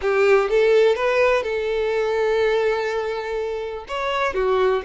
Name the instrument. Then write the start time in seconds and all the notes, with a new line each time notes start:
violin
0.01 G4
0.49 A4
0.95 B4
1.43 A4
3.88 C#5
4.34 F#4